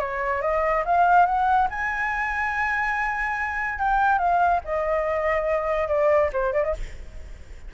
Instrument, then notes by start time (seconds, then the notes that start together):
flute
0.00 C#5
0.42 D#5
0.86 F5
1.26 F#5
1.71 G#5
3.79 G5
4.19 F5
4.65 D#5
5.88 D5
6.33 C5
6.53 D5
6.64 D#5